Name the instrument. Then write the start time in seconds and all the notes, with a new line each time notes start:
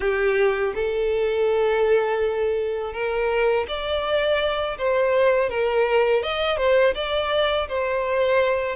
violin
0.00 G4
0.75 A4
2.93 A#4
3.68 D5
4.78 C5
5.49 A#4
6.23 D#5
6.57 C5
6.94 D5
7.68 C5